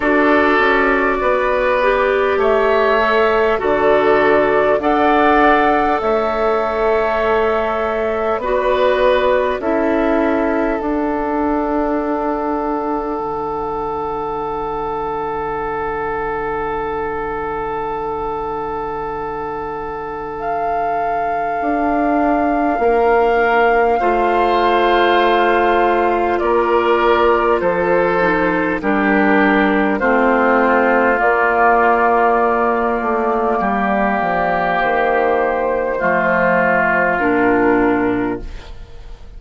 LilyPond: <<
  \new Staff \with { instrumentName = "flute" } { \time 4/4 \tempo 4 = 50 d''2 e''4 d''4 | fis''4 e''2 d''4 | e''4 fis''2.~ | fis''1~ |
fis''4 f''2.~ | f''2 d''4 c''4 | ais'4 c''4 d''2~ | d''4 c''2 ais'4 | }
  \new Staff \with { instrumentName = "oboe" } { \time 4/4 a'4 b'4 cis''4 a'4 | d''4 cis''2 b'4 | a'1~ | a'1~ |
a'2. ais'4 | c''2 ais'4 a'4 | g'4 f'2. | g'2 f'2 | }
  \new Staff \with { instrumentName = "clarinet" } { \time 4/4 fis'4. g'4 a'8 fis'4 | a'2. fis'4 | e'4 d'2.~ | d'1~ |
d'1 | f'2.~ f'8 dis'8 | d'4 c'4 ais2~ | ais2 a4 d'4 | }
  \new Staff \with { instrumentName = "bassoon" } { \time 4/4 d'8 cis'8 b4 a4 d4 | d'4 a2 b4 | cis'4 d'2 d4~ | d1~ |
d2 d'4 ais4 | a2 ais4 f4 | g4 a4 ais4. a8 | g8 f8 dis4 f4 ais,4 | }
>>